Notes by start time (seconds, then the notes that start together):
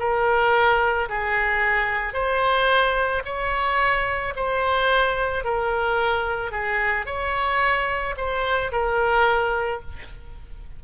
0.00 A#4
1.10 G#4
2.14 C5
3.25 C#5
4.36 C5
5.44 A#4
6.52 G#4
7.07 C#5
8.17 C5
8.72 A#4